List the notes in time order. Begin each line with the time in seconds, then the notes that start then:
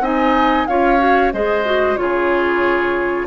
0.00 C4 D#4 D#5 G#5
0.67 C#4 F4 C#5 F5
0.98 F#4
1.32 G#3 G#4 C5 D#5
1.65 F#4
1.96 C#3 F4 G#4 C#5